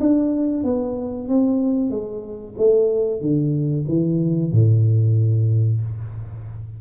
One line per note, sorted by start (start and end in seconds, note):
0.00 0.64 D4
0.64 1.28 B3
1.28 1.90 C4
1.90 2.55 G#3
2.57 3.21 A3
3.21 3.85 D3
3.88 4.52 E3
4.52 5.81 A2